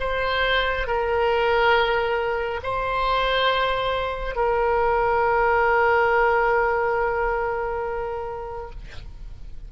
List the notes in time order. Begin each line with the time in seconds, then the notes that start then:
0.00 C5
0.87 A#4
2.63 C5
4.35 A#4